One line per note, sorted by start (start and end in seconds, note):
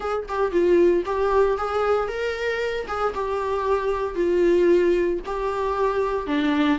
0.00 0.26 G#4
0.28 0.51 G4
0.51 1.03 F4
1.05 1.57 G4
1.57 2.08 G#4
2.08 2.86 A#4
2.87 3.13 G#4
3.14 4.15 G4
4.15 5.19 F4
5.26 6.26 G4
6.26 6.78 D4